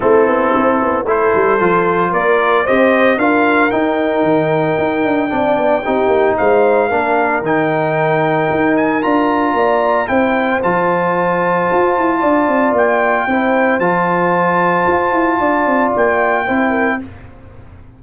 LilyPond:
<<
  \new Staff \with { instrumentName = "trumpet" } { \time 4/4 \tempo 4 = 113 a'2 c''2 | d''4 dis''4 f''4 g''4~ | g''1 | f''2 g''2~ |
g''8 gis''8 ais''2 g''4 | a''1 | g''2 a''2~ | a''2 g''2 | }
  \new Staff \with { instrumentName = "horn" } { \time 4/4 e'2 a'2 | ais'4 c''4 ais'2~ | ais'2 d''4 g'4 | c''4 ais'2.~ |
ais'2 d''4 c''4~ | c''2. d''4~ | d''4 c''2.~ | c''4 d''2 c''8 ais'8 | }
  \new Staff \with { instrumentName = "trombone" } { \time 4/4 c'2 e'4 f'4~ | f'4 g'4 f'4 dis'4~ | dis'2 d'4 dis'4~ | dis'4 d'4 dis'2~ |
dis'4 f'2 e'4 | f'1~ | f'4 e'4 f'2~ | f'2. e'4 | }
  \new Staff \with { instrumentName = "tuba" } { \time 4/4 a8 b8 c'8 b8 a8 g8 f4 | ais4 c'4 d'4 dis'4 | dis4 dis'8 d'8 c'8 b8 c'8 ais8 | gis4 ais4 dis2 |
dis'4 d'4 ais4 c'4 | f2 f'8 e'8 d'8 c'8 | ais4 c'4 f2 | f'8 e'8 d'8 c'8 ais4 c'4 | }
>>